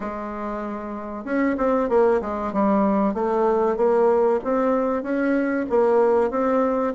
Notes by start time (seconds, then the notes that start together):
0.00 G#3
1.24 C#4
1.57 C4
1.89 A#3
2.21 G#3
2.52 G3
3.14 A3
3.77 A#3
4.44 C4
5.02 C#4
5.69 A#3
6.30 C4